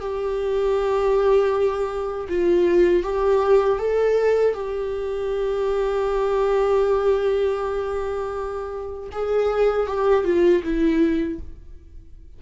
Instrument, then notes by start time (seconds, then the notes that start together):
viola
0.00 G4
2.29 F4
3.03 G4
3.79 A4
4.54 G4
9.12 G#4
9.87 G4
10.25 F4
10.63 E4